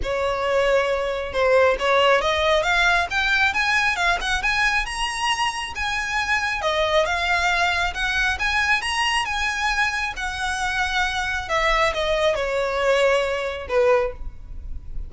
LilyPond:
\new Staff \with { instrumentName = "violin" } { \time 4/4 \tempo 4 = 136 cis''2. c''4 | cis''4 dis''4 f''4 g''4 | gis''4 f''8 fis''8 gis''4 ais''4~ | ais''4 gis''2 dis''4 |
f''2 fis''4 gis''4 | ais''4 gis''2 fis''4~ | fis''2 e''4 dis''4 | cis''2. b'4 | }